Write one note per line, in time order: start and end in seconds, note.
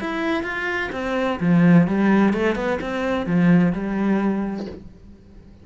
0.00 0.43 E4
0.43 0.90 F4
0.92 1.39 C4
1.40 1.87 F3
1.87 2.34 G3
2.34 2.55 A3
2.55 2.79 B3
2.81 3.26 C4
3.26 3.73 F3
3.73 4.66 G3